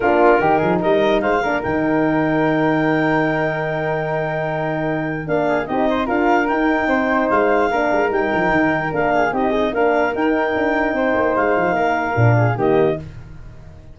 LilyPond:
<<
  \new Staff \with { instrumentName = "clarinet" } { \time 4/4 \tempo 4 = 148 ais'2 dis''4 f''4 | g''1~ | g''1~ | g''4 f''4 dis''4 f''4 |
g''2 f''2 | g''2 f''4 dis''4 | f''4 g''2. | f''2. dis''4 | }
  \new Staff \with { instrumentName = "flute" } { \time 4/4 f'4 g'8 gis'8 ais'4 c''8 ais'8~ | ais'1~ | ais'1~ | ais'4. gis'8 g'8 c''8 ais'4~ |
ais'4 c''2 ais'4~ | ais'2~ ais'8 gis'8 g'8 dis'8 | ais'2. c''4~ | c''4 ais'4. gis'8 g'4 | }
  \new Staff \with { instrumentName = "horn" } { \time 4/4 d'4 dis'2~ dis'8 d'8 | dis'1~ | dis'1~ | dis'4 d'4 dis'4 f'4 |
dis'2. d'4 | dis'2 d'4 dis'8 gis'8 | d'4 dis'2.~ | dis'2 d'4 ais4 | }
  \new Staff \with { instrumentName = "tuba" } { \time 4/4 ais4 dis8 f8 g4 gis8 ais8 | dis1~ | dis1~ | dis4 ais4 c'4 d'4 |
dis'4 c'4 gis4 ais8 gis8 | g8 f8 dis4 ais4 c'4 | ais4 dis'4 d'4 c'8 ais8 | gis8 f8 ais4 ais,4 dis4 | }
>>